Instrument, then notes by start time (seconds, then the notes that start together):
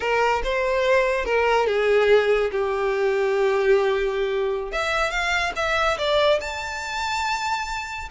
violin
0.00 A#4
0.43 C5
1.25 A#4
1.66 G#4
2.51 G4
4.71 E5
5.10 F5
5.55 E5
5.98 D5
6.40 A5